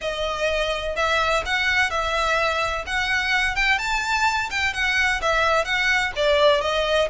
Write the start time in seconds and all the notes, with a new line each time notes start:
0.01 D#5
0.96 E5
1.45 F#5
1.90 E5
2.86 F#5
3.55 G5
3.78 A5
4.50 G5
4.73 F#5
5.21 E5
5.64 F#5
6.15 D5
6.61 D#5